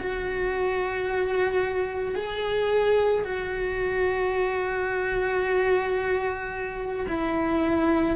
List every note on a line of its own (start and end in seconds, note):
0.00 2.15 F#4
2.15 3.24 G#4
3.24 7.06 F#4
7.08 8.16 E4